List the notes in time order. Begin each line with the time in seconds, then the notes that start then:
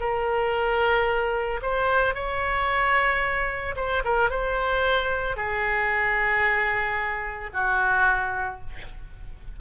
0.00 A#4
1.62 C5
2.15 C#5
3.76 C5
4.05 A#4
4.31 C5
5.36 G#4
7.53 F#4